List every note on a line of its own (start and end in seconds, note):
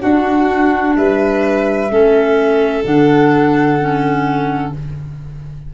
0.00 1.88 D4
0.00 0.97 D4
0.00 0.96 F#4
0.00 0.94 F#5
0.97 1.91 G3
0.97 1.91 B4
0.97 2.84 E5
1.91 2.84 A3
1.91 2.84 C#4
1.91 4.73 A4
2.84 4.72 D3
2.84 3.78 D4
2.84 4.73 F#5
3.80 4.74 C#4